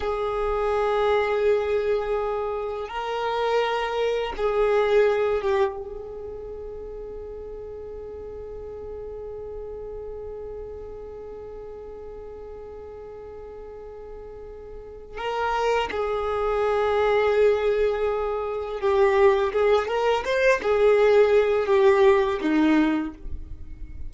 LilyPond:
\new Staff \with { instrumentName = "violin" } { \time 4/4 \tempo 4 = 83 gis'1 | ais'2 gis'4. g'8 | gis'1~ | gis'1~ |
gis'1~ | gis'4 ais'4 gis'2~ | gis'2 g'4 gis'8 ais'8 | c''8 gis'4. g'4 dis'4 | }